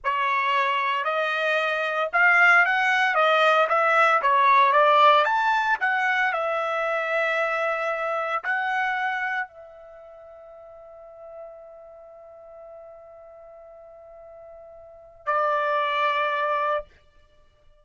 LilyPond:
\new Staff \with { instrumentName = "trumpet" } { \time 4/4 \tempo 4 = 114 cis''2 dis''2 | f''4 fis''4 dis''4 e''4 | cis''4 d''4 a''4 fis''4 | e''1 |
fis''2 e''2~ | e''1~ | e''1~ | e''4 d''2. | }